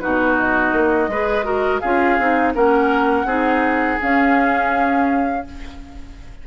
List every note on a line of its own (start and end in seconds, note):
0.00 0.73 B2
0.00 1.10 D#4
0.00 1.11 F#4
0.00 0.36 B4
0.39 1.80 D#5
0.73 1.08 A#3
1.08 1.81 G#3
1.08 1.44 G#4
1.08 1.45 B4
1.44 1.80 F#4
1.44 1.81 A#4
1.80 2.19 C#4
1.80 2.20 F4
1.80 2.54 G#4
1.80 2.53 F5
2.19 2.55 C4
2.19 2.55 D#4
2.55 3.25 A#3
2.55 3.27 C#4
2.55 3.27 A#4
2.55 4.01 F#5
3.25 3.98 C4
3.25 4.00 D#4
3.25 5.44 G#4
4.01 5.46 C#4
4.01 5.47 C#4
4.01 5.47 F5